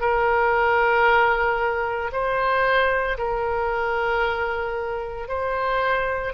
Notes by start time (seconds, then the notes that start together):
0.00 A#4
2.12 C5
3.18 A#4
5.28 C5